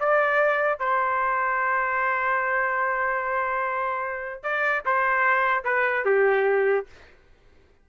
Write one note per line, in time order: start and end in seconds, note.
0.00 0.80 D5
0.80 4.44 C5
4.44 4.84 D5
4.86 5.65 C5
5.65 6.05 B4
6.05 6.86 G4